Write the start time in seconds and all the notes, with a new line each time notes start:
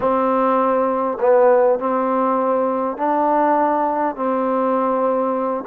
0.00 C4
1.20 B3
1.79 C4
2.97 D4
4.15 C4